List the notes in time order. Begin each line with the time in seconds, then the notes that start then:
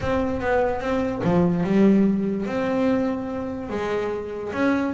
0.01 C4
0.40 B3
0.80 C4
1.23 F3
1.63 G3
2.46 C4
3.69 G#3
4.53 C#4